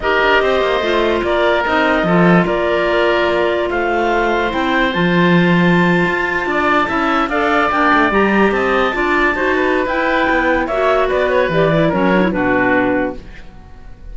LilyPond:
<<
  \new Staff \with { instrumentName = "clarinet" } { \time 4/4 \tempo 4 = 146 dis''2. d''4 | dis''2 d''2~ | d''4 f''2 g''4 | a''1~ |
a''4.~ a''16 f''4 g''4 ais''16~ | ais''8. a''2.~ a''16 | g''2 e''4 d''8 cis''8 | d''4 cis''4 b'2 | }
  \new Staff \with { instrumentName = "oboe" } { \time 4/4 ais'4 c''2 ais'4~ | ais'4 a'4 ais'2~ | ais'4 c''2.~ | c''2.~ c''8. d''16~ |
d''8. e''4 d''2~ d''16~ | d''8. dis''4 d''4 c''8 b'8.~ | b'2 cis''4 b'4~ | b'4 ais'4 fis'2 | }
  \new Staff \with { instrumentName = "clarinet" } { \time 4/4 g'2 f'2 | dis'4 f'2.~ | f'2. e'4 | f'1~ |
f'8. e'4 a'4 d'4 g'16~ | g'4.~ g'16 f'4 fis'4~ fis'16 | e'2 fis'2 | g'8 e'8 cis'8 d'16 e'16 d'2 | }
  \new Staff \with { instrumentName = "cello" } { \time 4/4 dis'8 d'8 c'8 ais8 a4 ais4 | c'4 f4 ais2~ | ais4 a2 c'4 | f2~ f8. f'4 d'16~ |
d'8. cis'4 d'4 ais8 a8 g16~ | g8. c'4 d'4 dis'4~ dis'16 | e'4 b4 ais4 b4 | e4 fis4 b,2 | }
>>